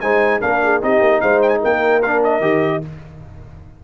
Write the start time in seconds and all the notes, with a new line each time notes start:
0.00 G#3 D#4 C5 G#5
0.41 A#3 D4 A#4 F5
0.63 G#4
0.81 C4 D#4 G4 D#5
1.00 A#3
1.21 G#3 C5 F5
1.42 G5
1.48 G#5
1.60 A#3 A#4 G5
2.02 D4 F5
2.23 D#5
2.40 D#3 G4